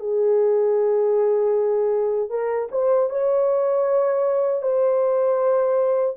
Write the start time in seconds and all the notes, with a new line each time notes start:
0.00 G#4
2.30 A#4
2.72 C5
3.10 C#5
4.63 C5